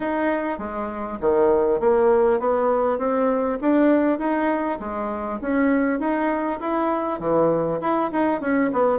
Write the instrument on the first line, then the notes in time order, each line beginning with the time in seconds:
bassoon
0.00 D#4
0.58 G#3
1.21 D#3
1.80 A#3
2.39 B3
2.98 C4
3.61 D4
4.18 D#4
4.79 G#3
5.41 C#4
5.99 D#4
6.60 E4
7.19 E3
7.81 E4
8.12 D#4
8.40 C#4
8.72 B3